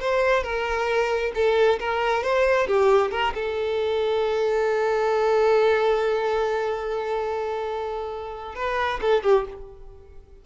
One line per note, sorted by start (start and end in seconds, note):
0.00 0.43 C5
0.43 1.32 A#4
1.35 1.79 A4
1.80 2.23 A#4
2.23 2.67 C5
2.67 3.11 G4
3.11 3.34 A#4
3.34 8.55 A4
8.55 9.00 B4
9.01 9.23 A4
9.23 9.46 G4